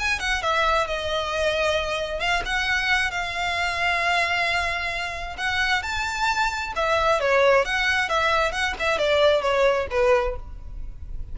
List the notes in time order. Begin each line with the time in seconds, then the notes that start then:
0.00 G#5
0.20 F#5
0.42 E5
0.87 D#5
2.20 F5
2.46 F#5
3.11 F5
5.38 F#5
5.83 A5
6.76 E5
7.21 C#5
7.65 F#5
8.09 E5
8.52 F#5
8.80 E5
8.99 D5
9.42 C#5
9.91 B4